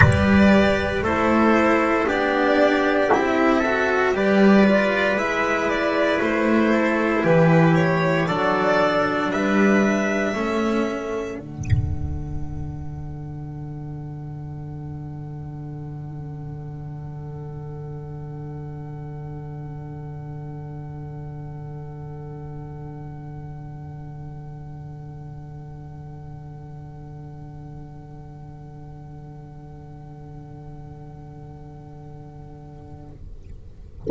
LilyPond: <<
  \new Staff \with { instrumentName = "violin" } { \time 4/4 \tempo 4 = 58 d''4 c''4 d''4 e''4 | d''4 e''8 d''8 c''4 b'8 cis''8 | d''4 e''2 fis''4~ | fis''1~ |
fis''1~ | fis''1~ | fis''1~ | fis''1 | }
  \new Staff \with { instrumentName = "trumpet" } { \time 4/4 b'4 a'4 g'4. a'8 | b'2~ b'8 a'8 g'4 | a'4 b'4 a'2~ | a'1~ |
a'1~ | a'1~ | a'1~ | a'1 | }
  \new Staff \with { instrumentName = "cello" } { \time 4/4 g'4 e'4 d'4 e'8 fis'8 | g'8 f'8 e'2. | d'2 cis'4 d'4~ | d'1~ |
d'1~ | d'1~ | d'1~ | d'1 | }
  \new Staff \with { instrumentName = "double bass" } { \time 4/4 g4 a4 b4 c'4 | g4 gis4 a4 e4 | fis4 g4 a4 d4~ | d1~ |
d1~ | d1~ | d1~ | d1 | }
>>